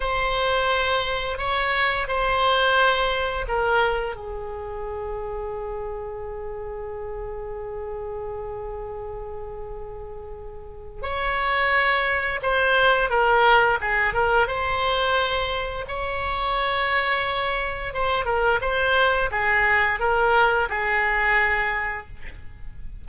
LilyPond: \new Staff \with { instrumentName = "oboe" } { \time 4/4 \tempo 4 = 87 c''2 cis''4 c''4~ | c''4 ais'4 gis'2~ | gis'1~ | gis'1 |
cis''2 c''4 ais'4 | gis'8 ais'8 c''2 cis''4~ | cis''2 c''8 ais'8 c''4 | gis'4 ais'4 gis'2 | }